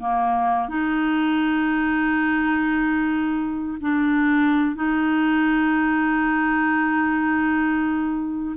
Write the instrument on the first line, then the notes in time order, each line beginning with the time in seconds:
clarinet
0.00 A#3
0.69 D#4
3.81 D4
4.76 D#4